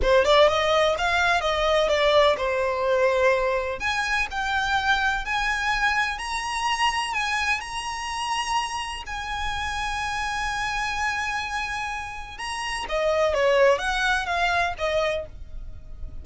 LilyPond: \new Staff \with { instrumentName = "violin" } { \time 4/4 \tempo 4 = 126 c''8 d''8 dis''4 f''4 dis''4 | d''4 c''2. | gis''4 g''2 gis''4~ | gis''4 ais''2 gis''4 |
ais''2. gis''4~ | gis''1~ | gis''2 ais''4 dis''4 | cis''4 fis''4 f''4 dis''4 | }